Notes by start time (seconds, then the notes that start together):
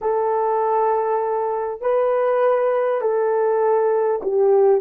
0.01 A4
1.81 B4
3.01 A4
4.22 G4